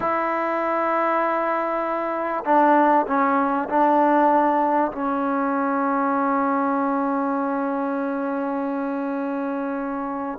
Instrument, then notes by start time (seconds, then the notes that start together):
trombone
0.00 E4
2.45 D4
3.07 C#4
3.69 D4
4.91 C#4